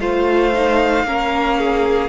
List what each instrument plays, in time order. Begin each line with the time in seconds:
0.00 cello A3, viola F4, violin C5 F5
0.54 viola D#4
1.04 cello A#3, viola C#4, violin A#4
1.59 violin G#4